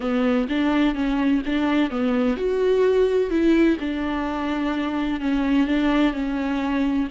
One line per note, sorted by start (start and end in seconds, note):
0.00 0.47 B3
0.48 0.94 D4
0.94 1.42 C#4
1.45 1.90 D4
1.90 2.36 B3
2.36 3.30 F#4
3.30 3.77 E4
3.80 5.20 D4
5.20 5.67 C#4
5.67 6.13 D4
6.13 7.07 C#4